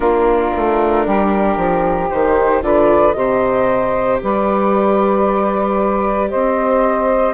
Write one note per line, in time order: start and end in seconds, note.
0.00 0.51 A#3
0.00 2.10 D4
0.00 1.05 F4
0.00 2.09 A#4
0.56 1.06 A3
1.05 1.57 G3
1.05 2.62 G4
1.57 2.09 F3
2.10 2.61 D#3
2.10 2.62 D#4
2.10 2.62 C5
2.61 3.14 D3
2.61 3.15 F4
2.61 3.16 B4
2.61 3.12 D5
3.12 4.20 C3
3.12 7.34 G4
3.12 4.21 C5
3.12 4.17 D#5
4.22 6.33 G3
4.22 6.30 B4
4.22 6.30 D5
6.30 7.34 C4
6.30 7.34 C5
6.30 7.34 D#5